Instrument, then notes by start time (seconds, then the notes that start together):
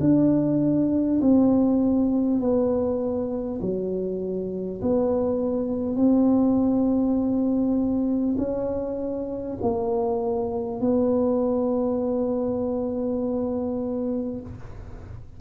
tuba
0.00 D4
1.21 C4
2.40 B3
3.61 F#3
4.82 B3
5.96 C4
8.38 C#4
9.62 A#3
10.81 B3